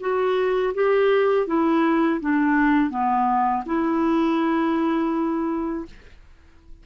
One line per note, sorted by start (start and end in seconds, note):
0.00 0.73 F#4
0.74 1.47 G4
1.47 2.20 E4
2.21 2.90 D4
2.90 3.63 B3
3.66 5.85 E4